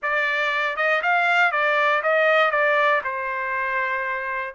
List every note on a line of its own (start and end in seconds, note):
0.02 0.76 D5
0.76 1.01 D#5
1.02 1.51 F5
1.51 2.01 D5
2.03 2.51 D#5
2.51 3.01 D5
3.04 4.54 C5